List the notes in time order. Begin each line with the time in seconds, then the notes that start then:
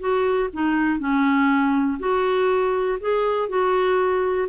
0.00 F#4
0.53 D#4
1.00 C#4
2.00 F#4
3.01 G#4
3.49 F#4